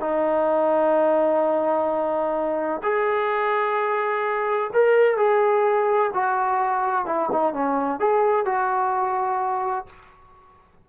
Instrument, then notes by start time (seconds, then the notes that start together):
trombone
0.00 D#4
2.83 G#4
4.73 A#4
5.17 G#4
6.13 F#4
7.06 E4
7.32 D#4
7.53 C#4
8.00 G#4
8.45 F#4